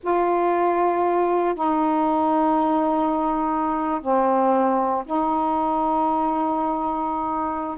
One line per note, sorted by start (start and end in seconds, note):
0.03 1.54 F4
1.54 4.00 D#4
4.01 5.04 C4
5.05 7.77 D#4